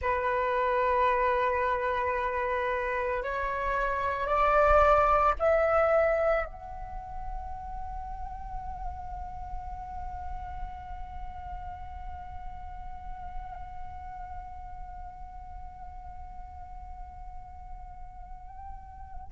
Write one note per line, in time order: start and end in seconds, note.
0.01 3.22 B4
3.22 4.27 C#5
4.27 5.34 D5
5.39 6.45 E5
6.45 19.31 F#5